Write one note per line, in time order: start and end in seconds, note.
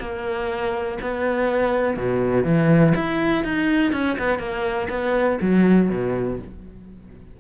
0.00 0.98 A#3
1.02 1.97 B3
1.97 2.44 B2
2.44 2.94 E3
2.95 3.44 E4
3.44 3.93 D#4
3.93 4.17 C#4
4.19 4.39 B3
4.39 4.88 A#3
4.90 5.39 B3
5.42 5.90 F#3
5.90 6.39 B2